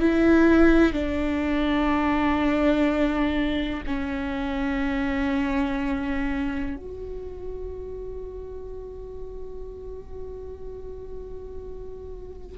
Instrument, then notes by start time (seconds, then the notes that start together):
viola
0.00 E4
0.93 D4
3.86 C#4
6.77 F#4